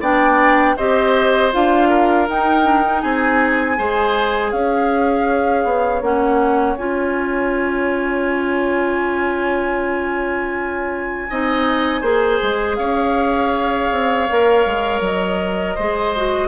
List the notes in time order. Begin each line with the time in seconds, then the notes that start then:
0.00 B3 D4 D5 G5
0.76 C4 G4 C5 D#5
1.52 D4 F4 F5
1.89 A#4
2.28 D#4 G5
2.64 D4
2.83 D#4
3.01 C4 G#4 G#5
3.77 G#3 G#4 C5
4.51 C#4 C#5 F5
5.64 B3
6.01 A#3 C#4 F#5
6.77 C#4 F4 G#5
11.29 C4 D#4 D#5
12.01 A#3 G#4 C5
12.42 G#3
12.75 C#4 C#5 F5
13.91 C4
14.29 A#3 A#4
14.65 G#3
15.00 F#3 D#5
15.75 G#3 G#4 C5
16.16 F#4